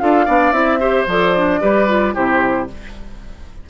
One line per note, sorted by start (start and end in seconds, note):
0.00 0.28 D4
0.00 0.27 F4
0.00 0.26 A4
0.00 0.53 F5
0.26 0.52 B3
0.26 0.53 D4
0.26 0.80 D5
0.52 1.06 C4
0.52 0.80 E4
0.52 1.06 E5
0.80 1.07 G4
0.80 1.61 C5
1.07 1.60 F3
1.07 1.37 A4
1.07 2.16 D5
1.37 1.61 D4
1.61 2.16 G3
1.61 1.88 G4
1.61 2.15 B4
1.88 2.14 F4
2.14 2.70 C3
2.14 2.68 E4
2.14 2.68 G4
2.14 2.69 C5